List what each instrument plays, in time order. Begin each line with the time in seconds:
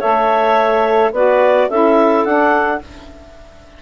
0.00 bassoon A3, saxophone A4, clarinet C#5 E5
1.12 bassoon B3, saxophone F#4, clarinet B4 D5
1.69 bassoon C#4, saxophone E4, clarinet A4 E5
2.25 bassoon D4, saxophone D4, clarinet F#5